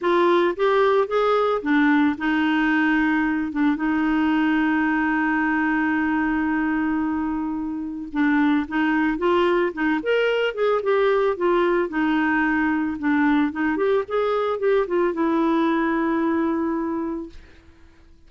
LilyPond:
\new Staff \with { instrumentName = "clarinet" } { \time 4/4 \tempo 4 = 111 f'4 g'4 gis'4 d'4 | dis'2~ dis'8 d'8 dis'4~ | dis'1~ | dis'2. d'4 |
dis'4 f'4 dis'8 ais'4 gis'8 | g'4 f'4 dis'2 | d'4 dis'8 g'8 gis'4 g'8 f'8 | e'1 | }